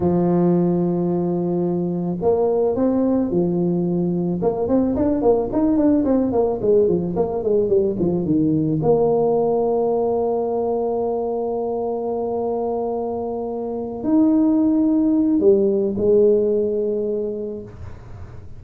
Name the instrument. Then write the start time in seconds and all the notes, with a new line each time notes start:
tuba
0.00 F3
2.21 A#3
2.75 C4
3.30 F3
4.42 A#3
4.68 C4
4.96 D4
5.22 A#3
5.52 D#4
5.76 D4
6.04 C4
6.32 A#3
6.61 G#3
6.88 F3
7.16 A#3
7.43 G#3
7.68 G3
7.99 F3
8.25 D#3
8.82 A#3
14.03 D#4
15.40 G3
15.97 G#3